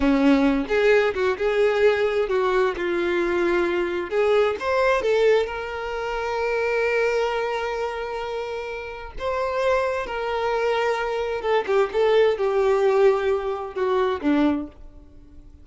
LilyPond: \new Staff \with { instrumentName = "violin" } { \time 4/4 \tempo 4 = 131 cis'4. gis'4 fis'8 gis'4~ | gis'4 fis'4 f'2~ | f'4 gis'4 c''4 a'4 | ais'1~ |
ais'1 | c''2 ais'2~ | ais'4 a'8 g'8 a'4 g'4~ | g'2 fis'4 d'4 | }